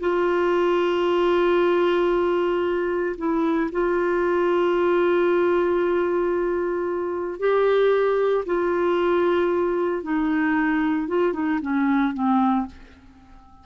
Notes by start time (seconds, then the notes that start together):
0.00 F4
3.17 E4
3.72 F4
7.39 G4
8.46 F4
10.03 D#4
11.08 F4
11.33 D#4
11.61 C#4
12.14 C4